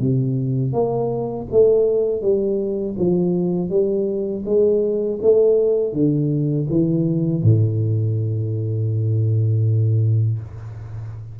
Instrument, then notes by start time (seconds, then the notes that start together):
tuba
0.00 C3
0.73 A#3
1.52 A3
2.22 G3
2.99 F3
3.70 G3
4.45 G#3
5.22 A3
5.93 D3
6.70 E3
7.43 A2